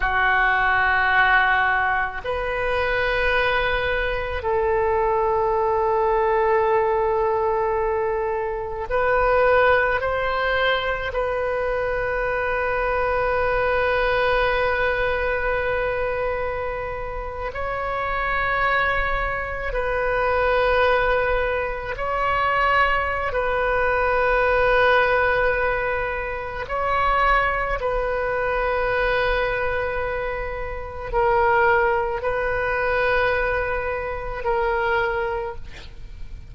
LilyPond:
\new Staff \with { instrumentName = "oboe" } { \time 4/4 \tempo 4 = 54 fis'2 b'2 | a'1 | b'4 c''4 b'2~ | b'2.~ b'8. cis''16~ |
cis''4.~ cis''16 b'2 cis''16~ | cis''4 b'2. | cis''4 b'2. | ais'4 b'2 ais'4 | }